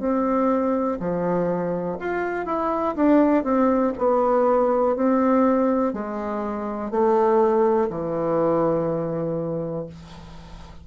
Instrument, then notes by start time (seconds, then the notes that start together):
bassoon
0.00 C4
1.00 F3
1.99 F4
2.46 E4
2.96 D4
3.44 C4
3.98 B3
4.97 C4
5.93 G#3
6.91 A3
7.90 E3